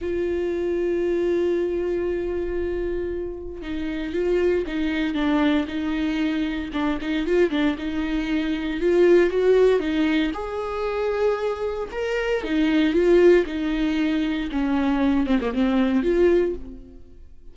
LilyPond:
\new Staff \with { instrumentName = "viola" } { \time 4/4 \tempo 4 = 116 f'1~ | f'2. dis'4 | f'4 dis'4 d'4 dis'4~ | dis'4 d'8 dis'8 f'8 d'8 dis'4~ |
dis'4 f'4 fis'4 dis'4 | gis'2. ais'4 | dis'4 f'4 dis'2 | cis'4. c'16 ais16 c'4 f'4 | }